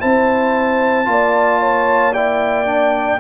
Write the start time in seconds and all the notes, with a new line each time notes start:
0.00 C4 E4 C5 A5
1.06 A#3 F4 D5
1.61 C#5
2.13 E4 D5 G5
2.66 D4